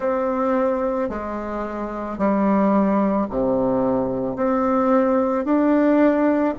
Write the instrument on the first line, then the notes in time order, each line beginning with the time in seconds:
bassoon
0.00 C4
1.09 G#3
2.18 G3
3.30 C3
4.36 C4
5.44 D4